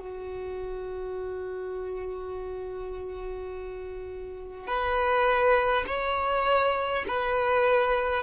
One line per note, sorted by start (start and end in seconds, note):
0.00 4.67 F#4
4.67 5.85 B4
5.88 7.05 C#5
7.08 8.24 B4